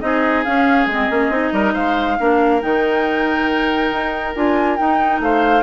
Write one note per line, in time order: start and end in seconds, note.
0.00 0.44 C4
0.00 0.44 D#4
0.00 1.53 G#4
0.00 0.43 D#5
0.43 0.89 C#4
0.43 0.86 C#4
0.43 0.87 F5
0.86 1.07 G#3
0.86 1.10 C4
0.86 1.74 D#5
1.10 1.29 A#3
1.10 1.31 C#4
1.29 1.51 C4
1.29 2.18 D#4
1.52 1.73 G3
1.52 1.73 A#4
1.73 2.18 G#3
1.73 2.16 C5
1.73 2.61 F5
2.19 2.63 A#3
2.19 2.61 D4
2.19 5.21 A#4
2.61 3.90 D#3
2.61 4.33 D#4
2.61 4.34 G5
3.90 4.34 D#4
4.35 4.78 D4
4.35 4.78 F4
4.35 4.76 G#5
4.76 5.63 D#4
4.76 5.20 D#4
4.76 5.19 G5
5.20 5.63 A3
5.20 5.63 C5
5.20 5.63 F5